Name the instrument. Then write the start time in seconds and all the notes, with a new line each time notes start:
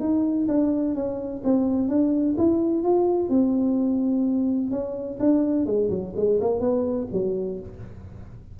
tuba
0.00 D#4
0.48 D4
0.95 C#4
1.44 C4
1.89 D4
2.38 E4
2.83 F4
3.29 C4
4.71 C#4
5.20 D4
5.66 G#3
5.90 F#3
6.16 G#3
6.41 A#3
6.60 B3
7.13 F#3